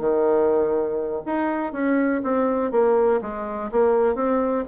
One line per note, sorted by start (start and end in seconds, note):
0.00 1.23 D#3
1.26 1.73 D#4
1.73 2.22 C#4
2.24 2.71 C4
2.71 3.21 A#3
3.22 3.71 G#3
3.72 4.15 A#3
4.15 4.65 C4